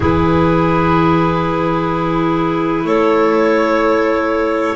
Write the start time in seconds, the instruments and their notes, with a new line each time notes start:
0.00 double bass E3, clarinet E4 G#4, violin B4
2.84 double bass A3, clarinet A4, violin C#5